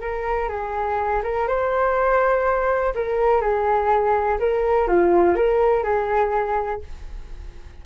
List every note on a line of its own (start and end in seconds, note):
0.00 0.48 A#4
0.48 1.22 G#4
1.23 1.47 A#4
1.47 2.94 C5
2.94 3.41 A#4
3.41 4.38 G#4
4.39 4.87 A#4
4.87 5.35 F4
5.35 5.83 A#4
5.83 6.81 G#4